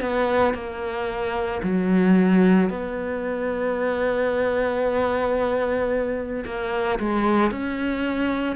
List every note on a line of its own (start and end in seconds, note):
0.00 0.54 B3
0.54 1.61 A#3
1.62 2.69 F#3
2.69 6.44 B3
6.45 6.98 A#3
6.99 7.51 G#3
7.51 8.55 C#4